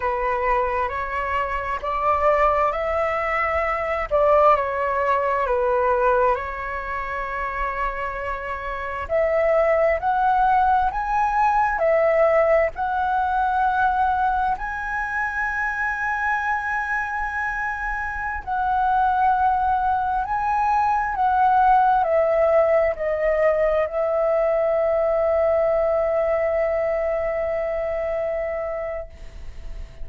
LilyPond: \new Staff \with { instrumentName = "flute" } { \time 4/4 \tempo 4 = 66 b'4 cis''4 d''4 e''4~ | e''8 d''8 cis''4 b'4 cis''4~ | cis''2 e''4 fis''4 | gis''4 e''4 fis''2 |
gis''1~ | gis''16 fis''2 gis''4 fis''8.~ | fis''16 e''4 dis''4 e''4.~ e''16~ | e''1 | }